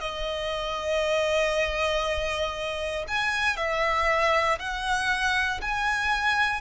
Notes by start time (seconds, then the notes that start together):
0.00 D#5
3.08 G#5
3.57 E5
4.59 F#5
5.61 G#5